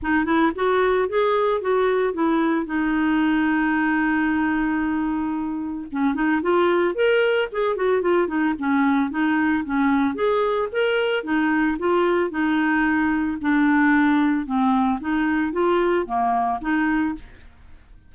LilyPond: \new Staff \with { instrumentName = "clarinet" } { \time 4/4 \tempo 4 = 112 dis'8 e'8 fis'4 gis'4 fis'4 | e'4 dis'2.~ | dis'2. cis'8 dis'8 | f'4 ais'4 gis'8 fis'8 f'8 dis'8 |
cis'4 dis'4 cis'4 gis'4 | ais'4 dis'4 f'4 dis'4~ | dis'4 d'2 c'4 | dis'4 f'4 ais4 dis'4 | }